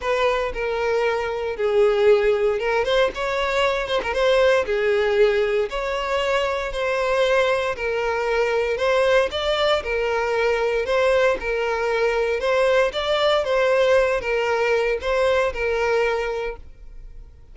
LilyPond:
\new Staff \with { instrumentName = "violin" } { \time 4/4 \tempo 4 = 116 b'4 ais'2 gis'4~ | gis'4 ais'8 c''8 cis''4. c''16 ais'16 | c''4 gis'2 cis''4~ | cis''4 c''2 ais'4~ |
ais'4 c''4 d''4 ais'4~ | ais'4 c''4 ais'2 | c''4 d''4 c''4. ais'8~ | ais'4 c''4 ais'2 | }